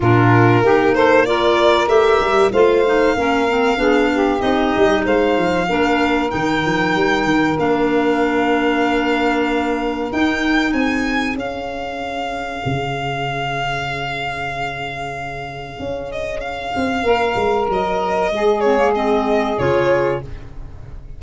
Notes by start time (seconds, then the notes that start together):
0.00 A#2 D4 F4 A#4
0.61 A#3 D#4 G4
0.94 A4 C5
1.25 F4 A#4 D5
1.87 A3 G4 E5
2.20 G3
2.52 A3 F4 C5 F5
2.86 D#4
3.15 A#3 C#4 A#4
3.48 C4
3.76 B3 D4 G#4
4.13 G4
4.39 C4 D#4 D#5
4.76 G3
5.04 G#3 C5 F5
5.37 F3
5.68 A#3 D4 A#4
6.29 D#3 D#4 G5
6.65 F3
6.95 G3
7.24 D#3
7.58 A#3 D4 F5
10.11 D#4 G5
10.72 C4 G#4 G#5
11.35 C#4 F5
12.65 C#3
15.79 C#4
16.11 D#5
16.40 F5
16.76 C4
17.03 A#3 A#4
17.35 G#3
17.69 F#3 D#5
18.31 G#3 G#4
18.60 C4 C#5
18.77 A#3
18.95 C4 D#5
19.58 C#3 F4 C#5